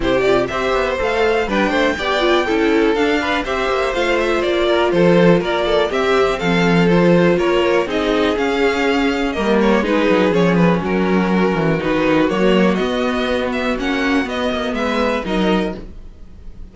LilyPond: <<
  \new Staff \with { instrumentName = "violin" } { \time 4/4 \tempo 4 = 122 c''8 d''8 e''4 f''4 g''4~ | g''2 f''4 e''4 | f''8 e''8 d''4 c''4 d''4 | e''4 f''4 c''4 cis''4 |
dis''4 f''2 dis''8 cis''8 | b'4 cis''8 b'8 ais'2 | b'4 cis''4 dis''4. e''8 | fis''4 dis''4 e''4 dis''4 | }
  \new Staff \with { instrumentName = "violin" } { \time 4/4 g'4 c''2 b'8 c''8 | d''4 a'4. b'8 c''4~ | c''4. ais'8 a'4 ais'8 a'8 | g'4 a'2 ais'4 |
gis'2. ais'4 | gis'2 fis'2~ | fis'1~ | fis'2 b'4 ais'4 | }
  \new Staff \with { instrumentName = "viola" } { \time 4/4 e'8 f'8 g'4 a'4 d'4 | g'8 f'8 e'4 d'4 g'4 | f'1 | c'2 f'2 |
dis'4 cis'2 ais4 | dis'4 cis'2. | dis'4 ais4 b2 | cis'4 b2 dis'4 | }
  \new Staff \with { instrumentName = "cello" } { \time 4/4 c4 c'8 b8 a4 g8 a8 | b4 cis'4 d'4 c'8 ais8 | a4 ais4 f4 ais4 | c'4 f2 ais4 |
c'4 cis'2 g4 | gis8 fis8 f4 fis4. e8 | dis4 fis4 b2 | ais4 b8 ais8 gis4 fis4 | }
>>